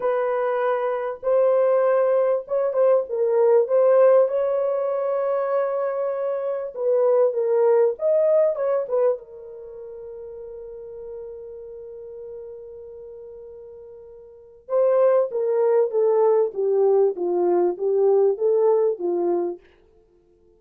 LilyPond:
\new Staff \with { instrumentName = "horn" } { \time 4/4 \tempo 4 = 98 b'2 c''2 | cis''8 c''8 ais'4 c''4 cis''4~ | cis''2. b'4 | ais'4 dis''4 cis''8 b'8 ais'4~ |
ais'1~ | ais'1 | c''4 ais'4 a'4 g'4 | f'4 g'4 a'4 f'4 | }